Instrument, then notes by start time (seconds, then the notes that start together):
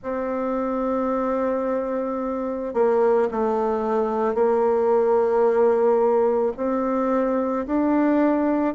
bassoon
0.02 C4
2.73 A#3
3.31 A3
4.34 A#3
6.57 C4
7.66 D4